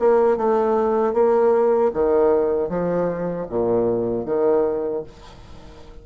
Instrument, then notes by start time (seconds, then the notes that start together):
bassoon
0.00 A#3
0.38 A3
1.14 A#3
1.94 D#3
2.70 F3
3.50 A#2
4.26 D#3